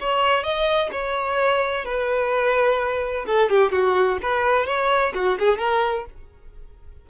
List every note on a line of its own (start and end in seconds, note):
0.00 0.43 C#5
0.43 0.90 D#5
0.91 1.85 C#5
1.85 3.25 B4
3.26 3.49 A4
3.49 3.71 G4
3.71 4.18 F#4
4.22 4.66 B4
4.66 5.13 C#5
5.14 5.38 F#4
5.38 5.58 G#4
5.58 6.05 A#4